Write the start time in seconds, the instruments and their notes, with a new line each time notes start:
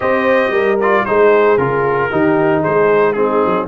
0.00 tuba C4, trombone G4, horn C5, trumpet D#5
0.50 tuba G3, horn A#4
0.80 trombone F4, trumpet D5
1.05 tuba G#3, trombone D#4, horn G#4, trumpet C5
1.57 tuba C#3, trombone F4, trumpet A#4
2.10 tuba D#3, trombone D#4, horn G4
2.59 horn G#4, trumpet C5
2.66 tuba G#3
3.12 trombone C4, horn D#4, trumpet G#4
3.45 tuba F#3